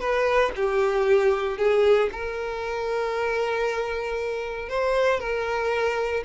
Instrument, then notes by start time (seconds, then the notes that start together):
violin
0.00 B4
0.55 G4
1.58 G#4
2.12 A#4
4.69 C5
5.20 A#4